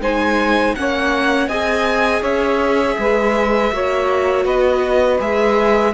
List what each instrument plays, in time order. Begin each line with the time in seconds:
0.00 cello G#3, viola D#4, saxophone C5, violin G#5
0.75 cello A#3, viola C#4, saxophone C#5, violin F#5
1.48 cello C4, viola G#4, saxophone D#5, violin G#5
2.21 cello C#4, saxophone C#5, violin E5
2.98 cello G#3, saxophone B4
3.72 cello A#3, viola F#4, saxophone C#5
4.44 cello B3, saxophone B4, violin D#5
5.19 cello G#3, viola G#4, violin E5